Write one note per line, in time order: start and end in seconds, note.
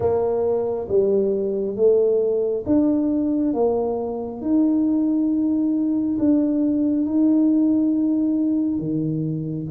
0.00 0.87 A#3
0.88 1.76 G3
1.76 2.64 A3
2.66 3.53 D4
3.53 4.41 A#3
4.41 6.17 D#4
6.18 7.05 D4
7.05 8.78 D#4
8.78 9.67 D#3